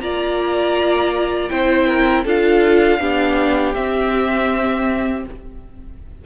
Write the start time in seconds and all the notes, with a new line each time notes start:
0.00 A#3 F4 D5 A#5
1.49 C4 E4 C5 G5
1.88 A#4
2.25 D4 F4 A4 F5
3.00 B3 D4 G4
3.75 C4 E5